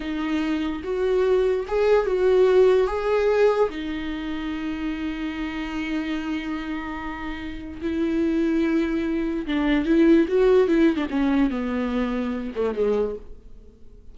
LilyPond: \new Staff \with { instrumentName = "viola" } { \time 4/4 \tempo 4 = 146 dis'2 fis'2 | gis'4 fis'2 gis'4~ | gis'4 dis'2.~ | dis'1~ |
dis'2. e'4~ | e'2. d'4 | e'4 fis'4 e'8. d'16 cis'4 | b2~ b8 a8 gis4 | }